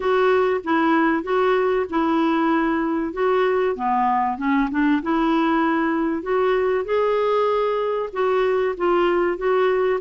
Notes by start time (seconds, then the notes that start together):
0.00 F#4
0.64 E4
1.23 F#4
1.89 E4
3.13 F#4
3.75 B3
4.38 C#4
4.70 D4
5.02 E4
6.22 F#4
6.84 G#4
8.12 F#4
8.77 F4
9.37 F#4